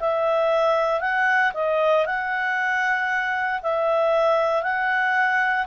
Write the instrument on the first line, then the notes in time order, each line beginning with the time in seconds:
clarinet
0.00 E5
1.01 F#5
1.54 D#5
2.06 F#5
3.63 E5
4.63 F#5